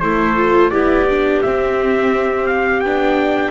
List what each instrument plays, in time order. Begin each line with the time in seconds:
0.00 double bass A3, viola E4, clarinet A4, trumpet C5
0.37 viola F4
0.70 double bass B3, viola E4, clarinet G4, trumpet D5
1.10 viola D4
1.42 viola C4, double bass C4, trumpet E5
2.47 trumpet F5
2.80 double bass B3, viola D4, trumpet G5